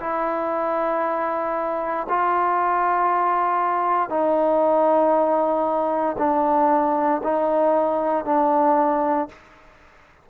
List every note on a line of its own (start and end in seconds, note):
0.00 2.07 E4
2.09 4.10 F4
4.10 6.16 D#4
6.18 7.21 D4
7.23 8.25 D#4
8.25 9.28 D4